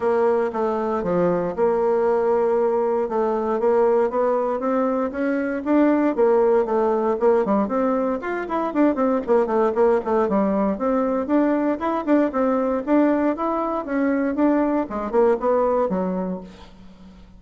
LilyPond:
\new Staff \with { instrumentName = "bassoon" } { \time 4/4 \tempo 4 = 117 ais4 a4 f4 ais4~ | ais2 a4 ais4 | b4 c'4 cis'4 d'4 | ais4 a4 ais8 g8 c'4 |
f'8 e'8 d'8 c'8 ais8 a8 ais8 a8 | g4 c'4 d'4 e'8 d'8 | c'4 d'4 e'4 cis'4 | d'4 gis8 ais8 b4 fis4 | }